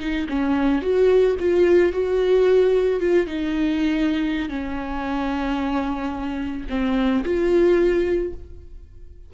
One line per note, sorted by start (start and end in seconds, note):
0.00 0.27 D#4
0.29 0.82 C#4
0.82 1.37 F#4
1.39 1.93 F4
1.93 3.00 F#4
3.00 3.27 F4
3.27 4.49 D#4
4.49 6.67 C#4
6.69 7.24 C4
7.24 8.34 F4